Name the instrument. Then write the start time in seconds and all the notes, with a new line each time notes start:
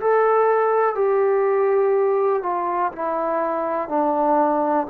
trombone
0.00 A4
0.95 G4
2.42 F4
2.92 E4
3.89 D4